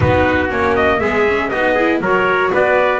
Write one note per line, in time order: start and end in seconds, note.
0.00 0.50 B3
0.00 0.49 D#4
0.00 1.00 F#4
0.00 0.50 B4
0.49 1.01 A#3
0.49 0.99 C#4
0.49 0.75 C#5
0.75 0.99 D#5
0.99 1.51 G#3
0.99 1.26 B3
0.99 1.50 G#4
0.99 1.50 E5
1.27 1.53 C#4
1.50 2.00 B3
1.50 1.78 D#4
1.50 1.74 F#4
1.50 2.00 D#5
1.74 2.03 E4
1.74 1.99 G#4
2.00 2.51 F#3
2.00 3.00 F#4
2.00 2.52 A#4
2.00 2.53 C#5
2.52 3.00 B3
2.52 3.00 B4
2.52 3.00 D5